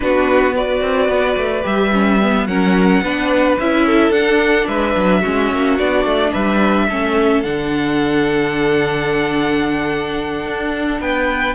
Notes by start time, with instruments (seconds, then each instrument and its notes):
0.00 cello B3, viola D4, violin F#4 B4
0.54 viola F#4, violin B4 D5
0.81 cello C4
1.08 cello B3
1.36 cello A3
1.62 cello G3, viola G4, violin E5
1.92 viola C#4
2.22 viola B3
2.46 cello F#3, viola C#4, violin A#4 F#5
3.02 cello B3, viola D4, violin B4
3.59 cello C#4, viola E4, violin E5
3.85 violin A4
4.10 cello D4, viola D4, violin F#5
4.67 cello G#3, violin B4 E5
4.95 cello F#3
5.21 cello G#3, viola C#4, violin F#4
5.52 cello A#3
5.78 cello B3, viola D4, violin D5
6.04 cello A3
6.31 cello G3, violin B4 E5
6.88 cello A3, viola C#4, violin A4
7.42 cello D3, viola D4, violin F#5
10.45 cello D4
11.00 cello B3, violin B4 G5